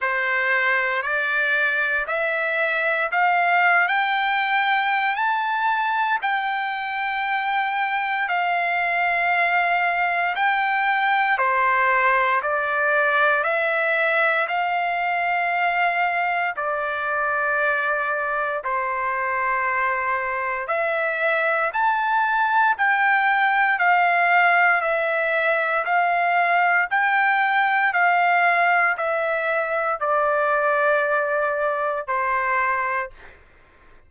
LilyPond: \new Staff \with { instrumentName = "trumpet" } { \time 4/4 \tempo 4 = 58 c''4 d''4 e''4 f''8. g''16~ | g''4 a''4 g''2 | f''2 g''4 c''4 | d''4 e''4 f''2 |
d''2 c''2 | e''4 a''4 g''4 f''4 | e''4 f''4 g''4 f''4 | e''4 d''2 c''4 | }